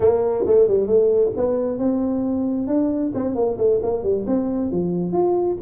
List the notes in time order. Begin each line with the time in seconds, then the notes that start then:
0.00 A#3
0.46 A3
0.68 G3
0.86 A3
1.36 B3
1.78 C4
2.67 D4
3.14 C4
3.35 A#3
3.57 A3
3.82 A#3
4.03 G3
4.27 C4
4.71 F3
5.12 F4